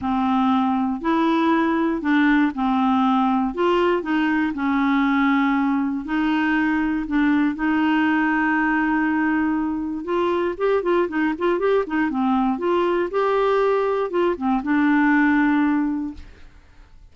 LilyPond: \new Staff \with { instrumentName = "clarinet" } { \time 4/4 \tempo 4 = 119 c'2 e'2 | d'4 c'2 f'4 | dis'4 cis'2. | dis'2 d'4 dis'4~ |
dis'1 | f'4 g'8 f'8 dis'8 f'8 g'8 dis'8 | c'4 f'4 g'2 | f'8 c'8 d'2. | }